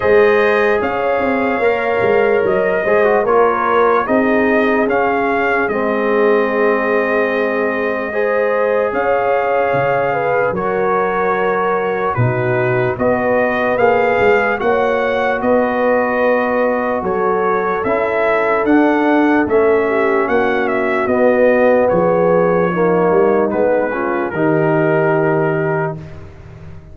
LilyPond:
<<
  \new Staff \with { instrumentName = "trumpet" } { \time 4/4 \tempo 4 = 74 dis''4 f''2 dis''4 | cis''4 dis''4 f''4 dis''4~ | dis''2. f''4~ | f''4 cis''2 b'4 |
dis''4 f''4 fis''4 dis''4~ | dis''4 cis''4 e''4 fis''4 | e''4 fis''8 e''8 dis''4 cis''4~ | cis''4 b'4 ais'2 | }
  \new Staff \with { instrumentName = "horn" } { \time 4/4 c''4 cis''2~ cis''8 c''8 | ais'4 gis'2.~ | gis'2 c''4 cis''4~ | cis''8 b'8 ais'2 fis'4 |
b'2 cis''4 b'4~ | b'4 a'2.~ | a'8 g'8 fis'2 gis'4 | dis'4. f'8 g'2 | }
  \new Staff \with { instrumentName = "trombone" } { \time 4/4 gis'2 ais'4. gis'16 fis'16 | f'4 dis'4 cis'4 c'4~ | c'2 gis'2~ | gis'4 fis'2 dis'4 |
fis'4 gis'4 fis'2~ | fis'2 e'4 d'4 | cis'2 b2 | ais4 b8 cis'8 dis'2 | }
  \new Staff \with { instrumentName = "tuba" } { \time 4/4 gis4 cis'8 c'8 ais8 gis8 fis8 gis8 | ais4 c'4 cis'4 gis4~ | gis2. cis'4 | cis4 fis2 b,4 |
b4 ais8 gis8 ais4 b4~ | b4 fis4 cis'4 d'4 | a4 ais4 b4 f4~ | f8 g8 gis4 dis2 | }
>>